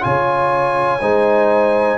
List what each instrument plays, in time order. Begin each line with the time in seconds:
0.00 tuba C#3, trombone F4, horn C#5, trumpet G#5
1.00 tuba G#3, trombone D#4, horn C5